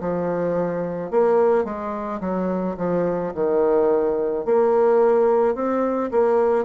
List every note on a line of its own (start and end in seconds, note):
0.00 1.11 F3
1.11 1.64 A#3
1.64 2.20 G#3
2.20 2.76 F#3
2.77 3.32 F3
3.34 4.45 D#3
4.45 5.55 A#3
5.55 6.10 C4
6.11 6.65 A#3